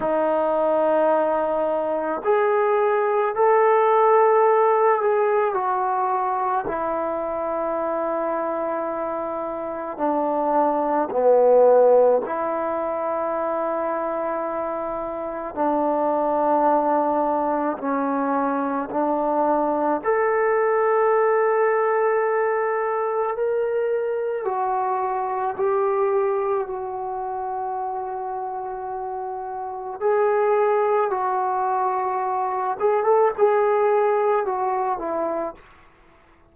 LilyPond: \new Staff \with { instrumentName = "trombone" } { \time 4/4 \tempo 4 = 54 dis'2 gis'4 a'4~ | a'8 gis'8 fis'4 e'2~ | e'4 d'4 b4 e'4~ | e'2 d'2 |
cis'4 d'4 a'2~ | a'4 ais'4 fis'4 g'4 | fis'2. gis'4 | fis'4. gis'16 a'16 gis'4 fis'8 e'8 | }